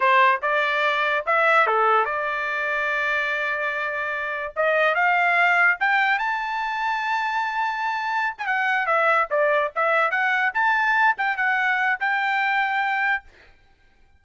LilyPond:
\new Staff \with { instrumentName = "trumpet" } { \time 4/4 \tempo 4 = 145 c''4 d''2 e''4 | a'4 d''2.~ | d''2. dis''4 | f''2 g''4 a''4~ |
a''1~ | a''16 gis''16 fis''4 e''4 d''4 e''8~ | e''8 fis''4 a''4. g''8 fis''8~ | fis''4 g''2. | }